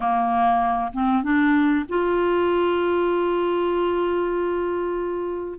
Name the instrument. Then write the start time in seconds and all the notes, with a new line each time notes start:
clarinet
0.00 A#3
0.93 C4
1.23 D4
1.88 F4